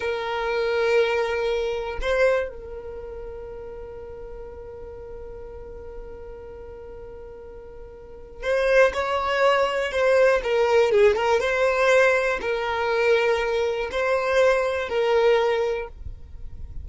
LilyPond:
\new Staff \with { instrumentName = "violin" } { \time 4/4 \tempo 4 = 121 ais'1 | c''4 ais'2.~ | ais'1~ | ais'1~ |
ais'4 c''4 cis''2 | c''4 ais'4 gis'8 ais'8 c''4~ | c''4 ais'2. | c''2 ais'2 | }